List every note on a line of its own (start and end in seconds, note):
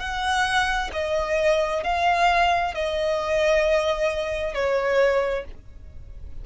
0.00 0.91 F#5
0.93 1.84 D#5
1.84 2.75 F5
2.75 4.54 D#5
4.54 5.45 C#5